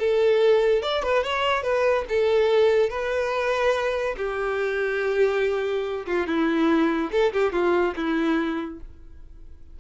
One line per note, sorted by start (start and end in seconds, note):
0.00 0.83 A4
0.83 1.03 D5
1.03 1.24 B4
1.24 1.63 C#5
1.63 2.05 B4
2.09 2.90 A4
2.90 4.16 B4
4.18 6.07 G4
6.07 6.27 F4
6.27 7.11 E4
7.12 7.33 A4
7.34 7.53 G4
7.53 7.95 F4
7.96 8.80 E4